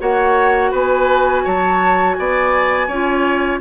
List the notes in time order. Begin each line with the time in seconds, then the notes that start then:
0.00 A#3 F#4 C#5 F#5
0.71 B3 B4 G#5
1.44 F#3 C#5 A5
2.14 B3 D5 G#5
2.87 C#4 F4 C#5